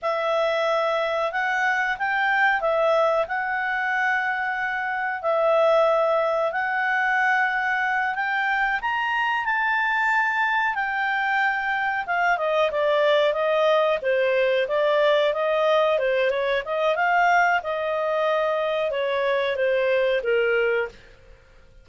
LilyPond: \new Staff \with { instrumentName = "clarinet" } { \time 4/4 \tempo 4 = 92 e''2 fis''4 g''4 | e''4 fis''2. | e''2 fis''2~ | fis''8 g''4 ais''4 a''4.~ |
a''8 g''2 f''8 dis''8 d''8~ | d''8 dis''4 c''4 d''4 dis''8~ | dis''8 c''8 cis''8 dis''8 f''4 dis''4~ | dis''4 cis''4 c''4 ais'4 | }